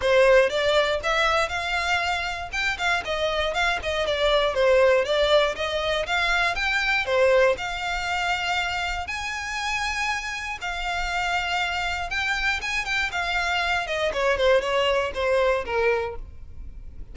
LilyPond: \new Staff \with { instrumentName = "violin" } { \time 4/4 \tempo 4 = 119 c''4 d''4 e''4 f''4~ | f''4 g''8 f''8 dis''4 f''8 dis''8 | d''4 c''4 d''4 dis''4 | f''4 g''4 c''4 f''4~ |
f''2 gis''2~ | gis''4 f''2. | g''4 gis''8 g''8 f''4. dis''8 | cis''8 c''8 cis''4 c''4 ais'4 | }